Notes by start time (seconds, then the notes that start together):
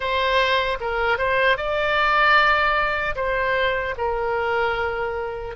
0.00 C5
0.80 A#4
1.17 C5
1.57 D5
3.15 C5
3.97 A#4